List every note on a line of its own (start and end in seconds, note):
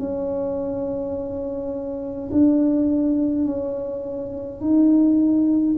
0.00 2.31 C#4
2.32 3.46 D4
3.46 4.62 C#4
4.62 5.77 D#4